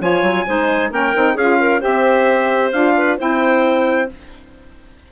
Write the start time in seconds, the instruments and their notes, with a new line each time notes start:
0.00 bassoon F3, saxophone F4, clarinet C#5, trumpet G#5
0.22 bassoon F#3
0.46 bassoon G#3, saxophone D#4, clarinet C5
0.90 bassoon A#3, saxophone C#4, clarinet A#4, trumpet G5
1.14 bassoon C4, saxophone D#4
1.34 bassoon C#4, saxophone F4, clarinet G#4, trumpet F5
1.60 clarinet A#4
1.79 bassoon C4, saxophone G4, clarinet C5, trumpet E5
2.72 bassoon D4, saxophone F4, trumpet F5
2.97 clarinet B4
3.18 bassoon C4, saxophone E4, clarinet C5, trumpet G5